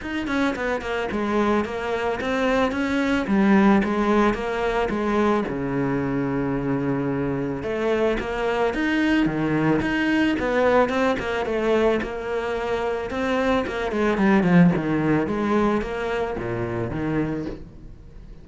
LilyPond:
\new Staff \with { instrumentName = "cello" } { \time 4/4 \tempo 4 = 110 dis'8 cis'8 b8 ais8 gis4 ais4 | c'4 cis'4 g4 gis4 | ais4 gis4 cis2~ | cis2 a4 ais4 |
dis'4 dis4 dis'4 b4 | c'8 ais8 a4 ais2 | c'4 ais8 gis8 g8 f8 dis4 | gis4 ais4 ais,4 dis4 | }